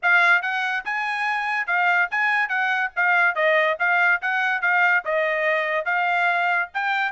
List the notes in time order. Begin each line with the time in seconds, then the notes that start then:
0.02 F5
0.42 F#5
0.84 G#5
1.66 F5
2.10 G#5
2.48 F#5
2.95 F5
3.35 D#5
3.79 F5
4.21 F#5
4.61 F5
5.04 D#5
5.85 F5
6.73 G5